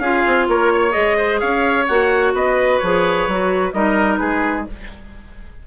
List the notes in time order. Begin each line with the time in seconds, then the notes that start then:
0.00 C#4 F4 G#4 F5
0.27 C4
0.48 A#3 A#4 C#5
0.73 C#5
0.91 G#3 G#4 D#5
1.18 C5
1.40 C#4 C#5 F5
1.88 A#3 F#4 F#5
2.34 B3 B4 D#5
2.79 F3 G#4 C#5
3.28 F#3 F#4
3.73 G3 D#4 A#4 D#5
4.17 G#3 G#4 B4